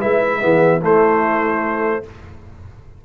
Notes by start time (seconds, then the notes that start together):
0.00 G#3 E4 B4 E5
0.41 E3 B3 G#4
0.82 A3 E4 C5